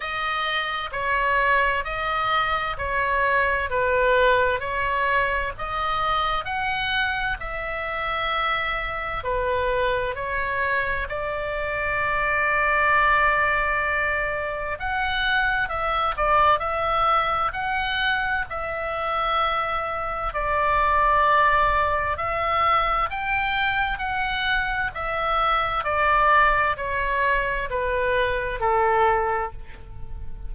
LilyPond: \new Staff \with { instrumentName = "oboe" } { \time 4/4 \tempo 4 = 65 dis''4 cis''4 dis''4 cis''4 | b'4 cis''4 dis''4 fis''4 | e''2 b'4 cis''4 | d''1 |
fis''4 e''8 d''8 e''4 fis''4 | e''2 d''2 | e''4 g''4 fis''4 e''4 | d''4 cis''4 b'4 a'4 | }